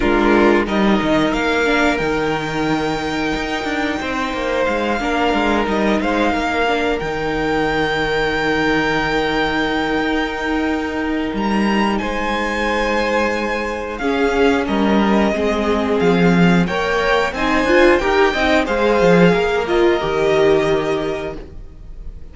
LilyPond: <<
  \new Staff \with { instrumentName = "violin" } { \time 4/4 \tempo 4 = 90 ais'4 dis''4 f''4 g''4~ | g''2. f''4~ | f''8 dis''8 f''4. g''4.~ | g''1~ |
g''4 ais''4 gis''2~ | gis''4 f''4 dis''2 | f''4 g''4 gis''4 g''4 | f''4. dis''2~ dis''8 | }
  \new Staff \with { instrumentName = "violin" } { \time 4/4 f'4 ais'2.~ | ais'2 c''4. ais'8~ | ais'4 c''8 ais'2~ ais'8~ | ais'1~ |
ais'2 c''2~ | c''4 gis'4 ais'4 gis'4~ | gis'4 cis''4 c''4 ais'8 dis''8 | c''4 ais'2. | }
  \new Staff \with { instrumentName = "viola" } { \time 4/4 d'4 dis'4. d'8 dis'4~ | dis'2.~ dis'8 d'8~ | d'8 dis'4. d'8 dis'4.~ | dis'1~ |
dis'1~ | dis'4 cis'2 c'4~ | c'4 ais'4 dis'8 f'8 g'8 dis'8 | gis'4. f'8 g'2 | }
  \new Staff \with { instrumentName = "cello" } { \time 4/4 gis4 g8 dis8 ais4 dis4~ | dis4 dis'8 d'8 c'8 ais8 gis8 ais8 | gis8 g8 gis8 ais4 dis4.~ | dis2. dis'4~ |
dis'4 g4 gis2~ | gis4 cis'4 g4 gis4 | f4 ais4 c'8 d'8 dis'8 c'8 | gis8 f8 ais4 dis2 | }
>>